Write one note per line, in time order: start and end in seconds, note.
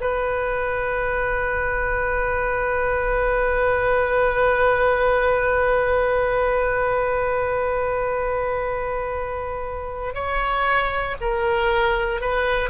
0.00 10.14 B4
10.14 11.16 C#5
11.20 12.20 A#4
12.20 12.70 B4